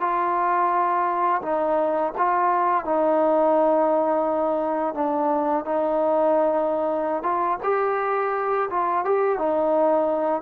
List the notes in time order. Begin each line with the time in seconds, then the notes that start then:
0.00 F4
1.42 D#4
2.17 F4
2.84 D#4
4.94 D4
5.65 D#4
7.22 F4
7.63 G4
8.70 F4
9.04 G4
9.38 D#4